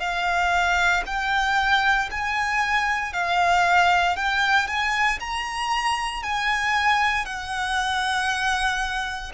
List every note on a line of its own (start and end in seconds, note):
0.00 1.03 F5
1.06 2.10 G5
2.11 3.13 G#5
3.13 4.16 F5
4.16 4.67 G5
4.67 5.19 G#5
5.20 6.24 A#5
6.24 7.26 G#5
7.26 9.32 F#5